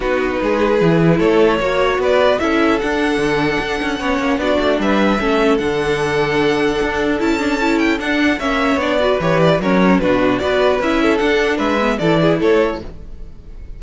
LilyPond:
<<
  \new Staff \with { instrumentName = "violin" } { \time 4/4 \tempo 4 = 150 b'2. cis''4~ | cis''4 d''4 e''4 fis''4~ | fis''2. d''4 | e''2 fis''2~ |
fis''2 a''4. g''8 | fis''4 e''4 d''4 cis''8 d''8 | cis''4 b'4 d''4 e''4 | fis''4 e''4 d''4 cis''4 | }
  \new Staff \with { instrumentName = "violin" } { \time 4/4 fis'4 gis'2 a'4 | cis''4 b'4 a'2~ | a'2 cis''4 fis'4 | b'4 a'2.~ |
a'1~ | a'4 cis''4. b'4. | ais'4 fis'4 b'4. a'8~ | a'4 b'4 a'8 gis'8 a'4 | }
  \new Staff \with { instrumentName = "viola" } { \time 4/4 dis'2 e'2 | fis'2 e'4 d'4~ | d'2 cis'4 d'4~ | d'4 cis'4 d'2~ |
d'2 e'8 d'8 e'4 | d'4 cis'4 d'8 fis'8 g'4 | cis'4 d'4 fis'4 e'4 | d'4. b8 e'2 | }
  \new Staff \with { instrumentName = "cello" } { \time 4/4 b4 gis4 e4 a4 | ais4 b4 cis'4 d'4 | d4 d'8 cis'8 b8 ais8 b8 a8 | g4 a4 d2~ |
d4 d'4 cis'2 | d'4 ais4 b4 e4 | fis4 b,4 b4 cis'4 | d'4 gis4 e4 a4 | }
>>